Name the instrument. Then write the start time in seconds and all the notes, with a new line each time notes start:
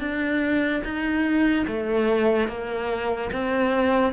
cello
0.00 D4
0.84 D#4
1.67 A3
2.48 A#3
3.33 C4